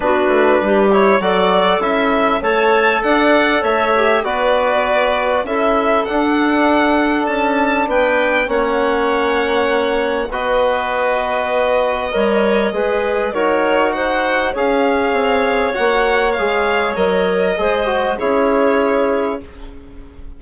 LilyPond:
<<
  \new Staff \with { instrumentName = "violin" } { \time 4/4 \tempo 4 = 99 b'4. cis''8 d''4 e''4 | a''4 fis''4 e''4 d''4~ | d''4 e''4 fis''2 | a''4 g''4 fis''2~ |
fis''4 dis''2.~ | dis''2 cis''4 fis''4 | f''2 fis''4 f''4 | dis''2 cis''2 | }
  \new Staff \with { instrumentName = "clarinet" } { \time 4/4 fis'4 g'4 a'2 | cis''4 d''4 cis''4 b'4~ | b'4 a'2.~ | a'4 b'4 cis''2~ |
cis''4 b'2. | cis''4 b'4 ais'4 c''4 | cis''1~ | cis''4 c''4 gis'2 | }
  \new Staff \with { instrumentName = "trombone" } { \time 4/4 d'4. e'8 fis'4 e'4 | a'2~ a'8 g'8 fis'4~ | fis'4 e'4 d'2~ | d'2 cis'2~ |
cis'4 fis'2. | ais'4 gis'4 fis'2 | gis'2 fis'4 gis'4 | ais'4 gis'8 fis'8 e'2 | }
  \new Staff \with { instrumentName = "bassoon" } { \time 4/4 b8 a8 g4 fis4 cis'4 | a4 d'4 a4 b4~ | b4 cis'4 d'2 | cis'4 b4 ais2~ |
ais4 b2. | g4 gis4 dis'2 | cis'4 c'4 ais4 gis4 | fis4 gis4 cis'2 | }
>>